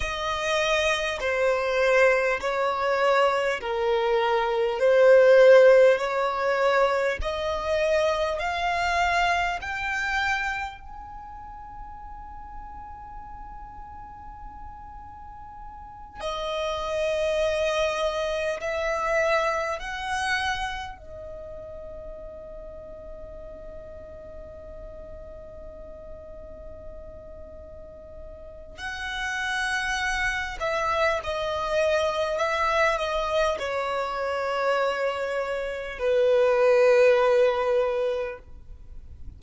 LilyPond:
\new Staff \with { instrumentName = "violin" } { \time 4/4 \tempo 4 = 50 dis''4 c''4 cis''4 ais'4 | c''4 cis''4 dis''4 f''4 | g''4 gis''2.~ | gis''4. dis''2 e''8~ |
e''8 fis''4 dis''2~ dis''8~ | dis''1 | fis''4. e''8 dis''4 e''8 dis''8 | cis''2 b'2 | }